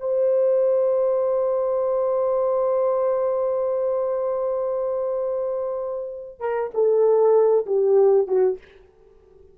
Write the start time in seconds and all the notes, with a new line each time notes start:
0.00 C5
6.40 A#4
6.74 A4
7.66 G4
8.27 F#4